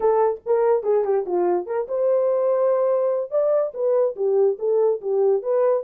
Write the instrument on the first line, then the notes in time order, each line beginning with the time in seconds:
horn
0.00 A4
0.46 A#4
0.83 G#4
1.04 G4
1.26 F4
1.66 A#4
1.87 C5
3.30 D5
3.74 B4
4.16 G4
4.59 A4
5.01 G4
5.42 B4